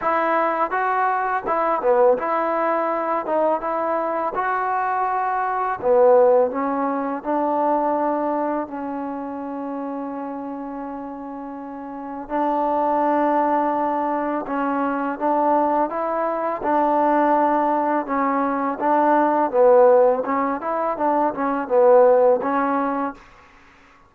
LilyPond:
\new Staff \with { instrumentName = "trombone" } { \time 4/4 \tempo 4 = 83 e'4 fis'4 e'8 b8 e'4~ | e'8 dis'8 e'4 fis'2 | b4 cis'4 d'2 | cis'1~ |
cis'4 d'2. | cis'4 d'4 e'4 d'4~ | d'4 cis'4 d'4 b4 | cis'8 e'8 d'8 cis'8 b4 cis'4 | }